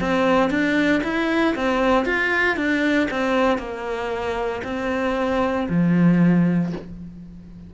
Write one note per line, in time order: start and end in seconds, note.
0.00 0.50 C4
0.50 1.02 D4
1.03 1.55 E4
1.55 2.05 C4
2.05 2.56 F4
2.56 3.08 D4
3.10 3.58 C4
3.58 4.62 A#3
4.64 5.67 C4
5.69 6.72 F3